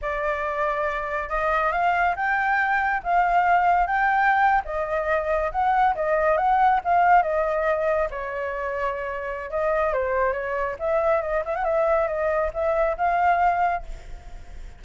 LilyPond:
\new Staff \with { instrumentName = "flute" } { \time 4/4 \tempo 4 = 139 d''2. dis''4 | f''4 g''2 f''4~ | f''4 g''4.~ g''16 dis''4~ dis''16~ | dis''8. fis''4 dis''4 fis''4 f''16~ |
f''8. dis''2 cis''4~ cis''16~ | cis''2 dis''4 c''4 | cis''4 e''4 dis''8 e''16 fis''16 e''4 | dis''4 e''4 f''2 | }